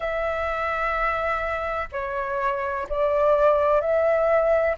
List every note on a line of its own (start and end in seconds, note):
0.00 1.88 E5
1.91 2.87 C#5
2.89 3.81 D5
3.81 4.76 E5